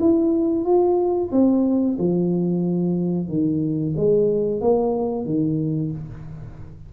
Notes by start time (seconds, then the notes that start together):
0.00 E4
0.65 F4
1.32 C4
1.98 F3
3.28 D#3
3.97 G#3
4.61 A#3
5.25 D#3